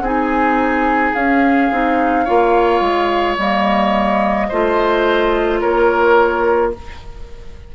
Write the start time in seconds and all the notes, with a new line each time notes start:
0.00 C4 D#4 G#4
0.06 G#5
1.14 C#4 F5
1.71 C4 D#4
2.24 A#3 F4 C#5
2.80 G#3
3.37 G3 A#3 D#5
4.48 A3 F4 C5
5.59 A#3 A#4 C#5